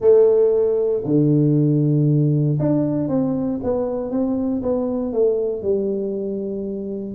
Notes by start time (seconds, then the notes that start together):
0.00 A3
1.04 D3
2.59 D4
3.08 C4
3.63 B3
4.10 C4
4.62 B3
5.12 A3
5.62 G3